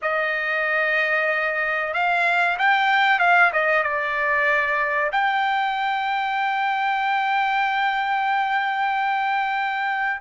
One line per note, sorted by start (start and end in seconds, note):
0.02 1.93 D#5
1.93 2.57 F5
2.58 3.19 G5
3.19 3.51 F5
3.53 3.83 D#5
3.83 5.11 D5
5.12 10.20 G5